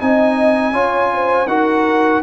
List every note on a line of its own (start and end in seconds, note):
0.00 0.73 C4
0.00 0.73 D#4
0.00 0.73 D#5
0.00 1.47 G#5
0.73 1.47 C#4
0.73 1.47 F4
0.73 1.10 C#5
1.13 1.48 C5
1.47 2.21 D#4
1.47 2.22 F#4
1.47 2.22 A#4
1.47 2.21 F#5